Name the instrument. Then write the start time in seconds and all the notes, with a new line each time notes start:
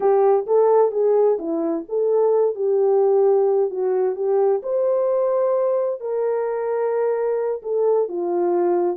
horn
0.00 G4
0.46 A4
0.91 G#4
1.38 E4
1.88 A4
2.55 G4
3.70 F#4
4.15 G4
4.62 C5
6.00 A#4
7.62 A4
8.08 F4